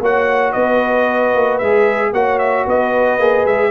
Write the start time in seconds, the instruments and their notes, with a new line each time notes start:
0.00 tuba A#3, trombone F#4, horn C#5, trumpet F#5
0.52 tuba B3, horn B4, trumpet D#5
1.34 tuba A#3
1.58 tuba G#3, trombone G#4, trumpet E5
2.12 tuba A#3, trombone F#4, horn C#5, trumpet F#5
2.38 trumpet E5
2.66 tuba B3, horn B4, trumpet D#5
3.18 tuba A#3, trombone G#4
3.45 tuba G#3, trumpet E5